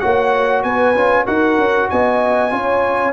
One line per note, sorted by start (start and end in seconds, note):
0.00 0.64 A#3
0.00 0.95 F#4
0.00 0.64 C#5
0.00 0.62 F#5
0.63 0.95 B3
0.63 1.26 B4
0.63 1.26 G#5
0.95 1.27 C#4
0.95 1.27 F4
1.26 1.58 D#4
1.26 2.51 F#4
1.26 1.89 A#4
1.26 1.89 F#5
1.58 1.89 C#4
1.90 2.52 B3
1.90 2.53 D#5
1.90 3.14 G#5
2.51 3.14 C#4
2.51 3.13 F4
2.51 3.14 C#5